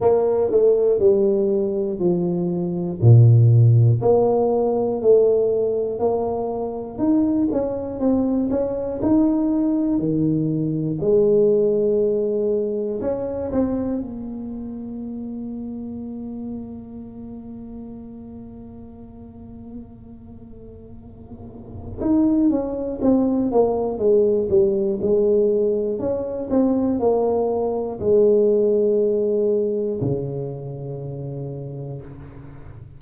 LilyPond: \new Staff \with { instrumentName = "tuba" } { \time 4/4 \tempo 4 = 60 ais8 a8 g4 f4 ais,4 | ais4 a4 ais4 dis'8 cis'8 | c'8 cis'8 dis'4 dis4 gis4~ | gis4 cis'8 c'8 ais2~ |
ais1~ | ais2 dis'8 cis'8 c'8 ais8 | gis8 g8 gis4 cis'8 c'8 ais4 | gis2 cis2 | }